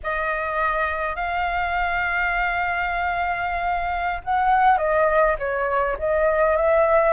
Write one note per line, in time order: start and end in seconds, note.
0.03 1.15 D#5
1.15 4.21 F5
4.24 4.77 F#5
4.77 5.35 D#5
5.39 5.97 C#5
5.98 6.56 D#5
6.56 7.13 E5